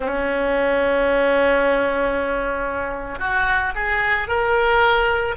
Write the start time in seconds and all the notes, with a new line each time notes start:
0.00 C#4
3.19 F#4
3.75 G#4
4.28 A#4